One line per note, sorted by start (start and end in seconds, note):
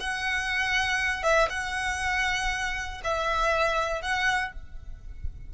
0.00 1.23 F#5
1.23 1.48 E5
1.50 3.01 F#5
3.04 4.02 E5
4.02 4.52 F#5